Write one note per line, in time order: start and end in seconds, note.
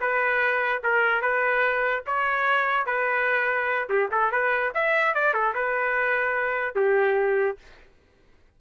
0.00 0.82 B4
0.83 1.21 A#4
1.21 2.04 B4
2.06 2.86 C#5
2.86 3.88 B4
3.89 4.09 G4
4.11 4.31 A4
4.31 4.72 B4
4.74 5.14 E5
5.14 5.33 D5
5.33 5.54 A4
5.54 6.75 B4
6.75 7.57 G4